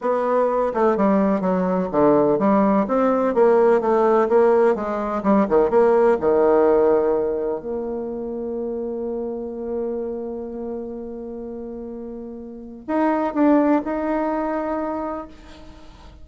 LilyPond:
\new Staff \with { instrumentName = "bassoon" } { \time 4/4 \tempo 4 = 126 b4. a8 g4 fis4 | d4 g4 c'4 ais4 | a4 ais4 gis4 g8 dis8 | ais4 dis2. |
ais1~ | ais1~ | ais2. dis'4 | d'4 dis'2. | }